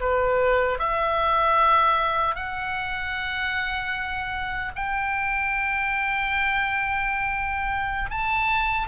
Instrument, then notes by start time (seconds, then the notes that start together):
oboe
0.00 B4
0.79 E5
2.35 F#5
4.75 G5
8.10 A5